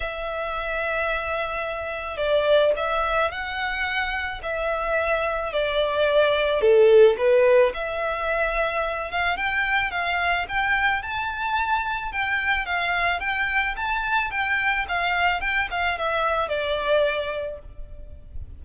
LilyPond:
\new Staff \with { instrumentName = "violin" } { \time 4/4 \tempo 4 = 109 e''1 | d''4 e''4 fis''2 | e''2 d''2 | a'4 b'4 e''2~ |
e''8 f''8 g''4 f''4 g''4 | a''2 g''4 f''4 | g''4 a''4 g''4 f''4 | g''8 f''8 e''4 d''2 | }